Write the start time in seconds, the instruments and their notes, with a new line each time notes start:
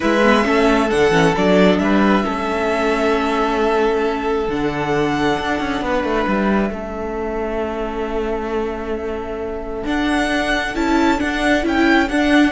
0.00 cello G#3, viola E4, violin B4 E5
0.23 viola B3
0.43 cello A3, viola C#4, violin A4
0.90 cello D3, viola D4, violin F#5
1.11 cello E3, viola C#4
1.36 cello F#3, viola D4, violin D5
1.79 cello G3, violin B4 E5
2.23 cello A3, viola C#4, violin A4
4.48 cello D3, viola D4, violin F#5
5.38 cello D4
5.59 cello C#4
5.81 cello B3, violin B4
6.03 cello A3
6.27 cello G3, violin E5
6.70 cello A3, viola C#4, violin A4
9.84 viola D4, cello D4, violin F#5
10.74 cello C#4, viola E4, violin A5
11.18 viola D4, cello D4, violin F#5
11.62 cello C#4, viola E4, violin G5
12.08 cello D4, viola D4, violin F#5